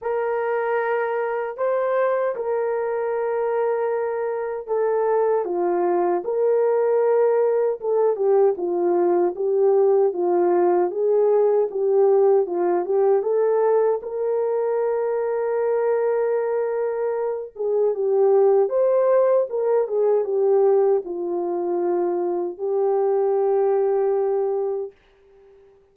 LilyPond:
\new Staff \with { instrumentName = "horn" } { \time 4/4 \tempo 4 = 77 ais'2 c''4 ais'4~ | ais'2 a'4 f'4 | ais'2 a'8 g'8 f'4 | g'4 f'4 gis'4 g'4 |
f'8 g'8 a'4 ais'2~ | ais'2~ ais'8 gis'8 g'4 | c''4 ais'8 gis'8 g'4 f'4~ | f'4 g'2. | }